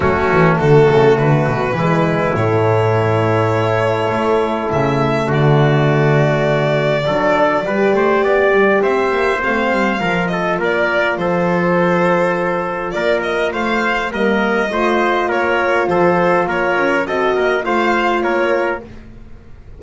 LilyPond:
<<
  \new Staff \with { instrumentName = "violin" } { \time 4/4 \tempo 4 = 102 fis'4 a'4 b'2 | cis''1 | e''4 d''2.~ | d''2. e''4 |
f''4. dis''8 d''4 c''4~ | c''2 d''8 dis''8 f''4 | dis''2 cis''4 c''4 | cis''4 dis''4 f''4 cis''4 | }
  \new Staff \with { instrumentName = "trumpet" } { \time 4/4 cis'4 fis'2 e'4~ | e'1~ | e'4 fis'2. | a'4 b'8 c''8 d''4 c''4~ |
c''4 ais'8 a'8 ais'4 a'4~ | a'2 ais'4 c''4 | ais'4 c''4 ais'4 a'4 | ais'4 a'8 ais'8 c''4 ais'4 | }
  \new Staff \with { instrumentName = "horn" } { \time 4/4 a2. gis4 | a1~ | a1 | d'4 g'2. |
c'4 f'2.~ | f'1 | ais4 f'2.~ | f'4 fis'4 f'2 | }
  \new Staff \with { instrumentName = "double bass" } { \time 4/4 fis8 e8 d8 cis8 d8 b,8 e4 | a,2. a4 | cis4 d2. | fis4 g8 a8 b8 g8 c'8 ais8 |
a8 g8 f4 ais4 f4~ | f2 ais4 a4 | g4 a4 ais4 f4 | ais8 cis'8 c'8 ais8 a4 ais4 | }
>>